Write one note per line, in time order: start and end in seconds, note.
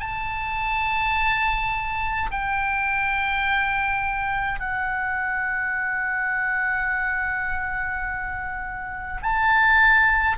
0.00 2.31 A5
2.31 4.60 G5
4.60 9.22 F#5
9.22 10.37 A5